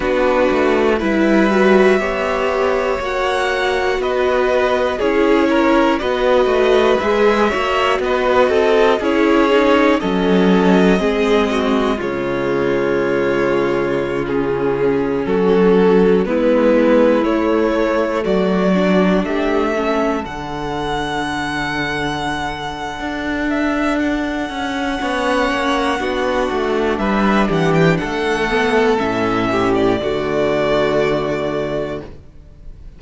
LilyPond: <<
  \new Staff \with { instrumentName = "violin" } { \time 4/4 \tempo 4 = 60 b'4 e''2 fis''4 | dis''4 cis''4 dis''4 e''4 | dis''4 cis''4 dis''2 | cis''2~ cis''16 gis'4 a'8.~ |
a'16 b'4 cis''4 d''4 e''8.~ | e''16 fis''2.~ fis''16 e''8 | fis''2. e''8 fis''16 g''16 | fis''4 e''8. d''2~ d''16 | }
  \new Staff \with { instrumentName = "violin" } { \time 4/4 fis'4 b'4 cis''2 | b'4 gis'8 ais'8 b'4. cis''8 | b'8 a'8 gis'4 a'4 gis'8 fis'8 | f'2.~ f'16 fis'8.~ |
fis'16 e'2 fis'4 g'8 a'16~ | a'1~ | a'4 cis''4 fis'4 b'8 g'8 | a'4. g'8 fis'2 | }
  \new Staff \with { instrumentName = "viola" } { \time 4/4 d'4 e'8 fis'8 g'4 fis'4~ | fis'4 e'4 fis'4 gis'8 fis'8~ | fis'4 e'8 dis'8 cis'4 c'4 | gis2~ gis16 cis'4.~ cis'16~ |
cis'16 b4 a4. d'4 cis'16~ | cis'16 d'2.~ d'8.~ | d'4 cis'4 d'2~ | d'8 b8 cis'4 a2 | }
  \new Staff \with { instrumentName = "cello" } { \time 4/4 b8 a8 g4 b4 ais4 | b4 cis'4 b8 a8 gis8 ais8 | b8 c'8 cis'4 fis4 gis4 | cis2.~ cis16 fis8.~ |
fis16 gis4 a4 fis4 a8.~ | a16 d2~ d8. d'4~ | d'8 cis'8 b8 ais8 b8 a8 g8 e8 | a4 a,4 d2 | }
>>